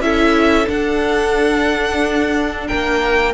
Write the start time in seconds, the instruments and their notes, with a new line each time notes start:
0.00 cello C#4, viola E4, violin A4 E5
0.67 viola D4, cello D4, violin F#5
2.68 cello A#3, violin A#4 G5